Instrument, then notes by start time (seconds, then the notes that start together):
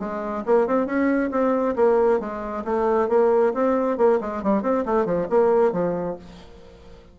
bassoon
0.00 G#3
0.46 A#3
0.68 C4
0.87 C#4
1.31 C4
1.76 A#3
2.20 G#3
2.65 A3
3.09 A#3
3.54 C4
3.98 A#3
4.21 G#3
4.43 G3
4.63 C4
4.86 A3
5.06 F3
5.30 A#3
5.73 F3